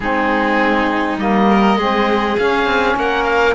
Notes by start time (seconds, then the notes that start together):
0.00 G#3 C4 D#4 G#4
1.18 G3 A#3 D#5
1.49 A#4
1.77 G#3 C4 G#4
2.37 C#4 F5
2.65 C4
2.96 A#3 A#4 F#5
3.24 F5